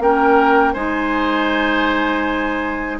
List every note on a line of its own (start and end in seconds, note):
0.00 0.75 A#3
0.00 0.76 C#4
0.00 0.74 A#4
0.00 0.74 G5
0.74 3.00 G#3
0.74 3.00 D#4
0.74 2.99 C5
0.74 2.99 G#5